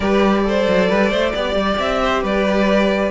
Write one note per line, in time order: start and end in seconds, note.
0.00 0.66 G3
0.00 0.44 G4
0.00 0.44 B4
0.00 1.78 D5
0.44 1.34 A4
0.44 0.88 C5
0.67 0.90 F#3
0.88 1.10 G3
0.88 1.10 B4
1.10 1.32 A3
1.10 1.32 C5
1.35 1.55 B3
1.35 3.10 G4
1.35 2.02 D5
1.55 1.77 G3
1.78 2.23 C4
1.78 2.23 E5
2.02 2.23 C5
2.23 3.10 G3
2.23 3.10 B4
2.23 3.10 D5